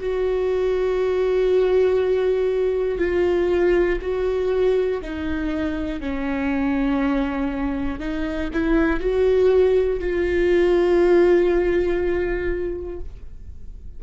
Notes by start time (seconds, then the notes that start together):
0.00 F#4
2.99 F4
4.01 F#4
5.01 D#4
6.00 C#4
8.00 D#4
8.53 E4
9.00 F#4
10.00 F4